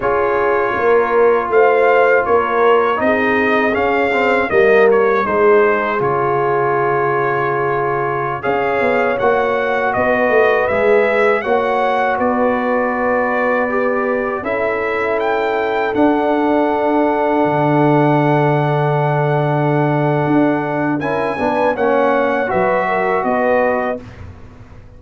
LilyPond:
<<
  \new Staff \with { instrumentName = "trumpet" } { \time 4/4 \tempo 4 = 80 cis''2 f''4 cis''4 | dis''4 f''4 dis''8 cis''8 c''4 | cis''2.~ cis''16 f''8.~ | f''16 fis''4 dis''4 e''4 fis''8.~ |
fis''16 d''2. e''8.~ | e''16 g''4 fis''2~ fis''8.~ | fis''1 | gis''4 fis''4 e''4 dis''4 | }
  \new Staff \with { instrumentName = "horn" } { \time 4/4 gis'4 ais'4 c''4 ais'4 | gis'2 ais'4 gis'4~ | gis'2.~ gis'16 cis''8.~ | cis''4~ cis''16 b'2 cis''8.~ |
cis''16 b'2. a'8.~ | a'1~ | a'1 | ais'8 b'8 cis''4 b'8 ais'8 b'4 | }
  \new Staff \with { instrumentName = "trombone" } { \time 4/4 f'1 | dis'4 cis'8 c'8 ais4 dis'4 | f'2.~ f'16 gis'8.~ | gis'16 fis'2 gis'4 fis'8.~ |
fis'2~ fis'16 g'4 e'8.~ | e'4~ e'16 d'2~ d'8.~ | d'1 | e'8 d'8 cis'4 fis'2 | }
  \new Staff \with { instrumentName = "tuba" } { \time 4/4 cis'4 ais4 a4 ais4 | c'4 cis'4 g4 gis4 | cis2.~ cis16 cis'8 b16~ | b16 ais4 b8 a8 gis4 ais8.~ |
ais16 b2. cis'8.~ | cis'4~ cis'16 d'2 d8.~ | d2. d'4 | cis'8 b8 ais4 fis4 b4 | }
>>